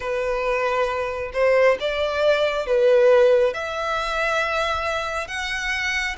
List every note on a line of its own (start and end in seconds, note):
0.00 1.31 B4
1.33 1.77 C5
1.79 2.66 D5
2.66 3.53 B4
3.53 5.27 E5
5.27 6.16 F#5